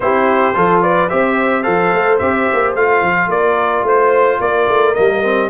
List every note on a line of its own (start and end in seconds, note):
0.00 0.54 C4
0.00 0.53 E4
0.00 0.56 G4
0.00 0.81 C5
0.53 1.11 F3
0.53 1.08 F4
0.53 0.82 A4
0.82 1.09 B4
0.82 1.09 D5
1.09 1.66 C4
1.09 1.63 G4
1.09 3.29 C5
1.09 1.63 E5
1.63 1.92 F3
1.63 2.18 A4
1.63 2.18 F5
1.92 2.19 A3
2.18 2.48 C4
2.18 2.76 G4
2.18 2.73 E5
2.53 2.75 A#3
2.75 3.01 A3
2.75 4.95 F4
2.75 3.30 F5
3.01 3.27 F3
3.27 3.82 A#3
3.27 3.85 A#4
3.27 3.85 D5
3.82 4.37 A3
3.82 4.40 C5
4.39 4.67 A#3
4.39 5.50 A#4
4.39 4.94 D5
4.68 4.95 A3
4.94 5.50 G3
4.94 5.23 A#3
4.94 5.49 D#5
5.23 5.50 C4